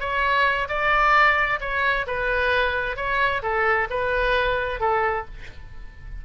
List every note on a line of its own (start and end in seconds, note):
0.00 0.68 C#5
0.69 1.60 D5
1.61 2.06 C#5
2.07 2.96 B4
2.96 3.42 C#5
3.42 3.88 A4
3.90 4.80 B4
4.80 5.25 A4